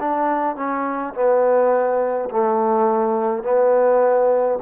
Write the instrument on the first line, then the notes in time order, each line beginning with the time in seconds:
trombone
0.00 D4
0.56 C#4
1.14 B3
2.30 A3
3.44 B3